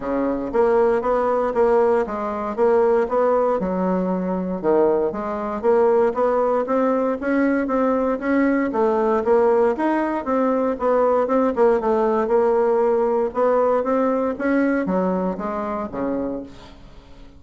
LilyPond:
\new Staff \with { instrumentName = "bassoon" } { \time 4/4 \tempo 4 = 117 cis4 ais4 b4 ais4 | gis4 ais4 b4 fis4~ | fis4 dis4 gis4 ais4 | b4 c'4 cis'4 c'4 |
cis'4 a4 ais4 dis'4 | c'4 b4 c'8 ais8 a4 | ais2 b4 c'4 | cis'4 fis4 gis4 cis4 | }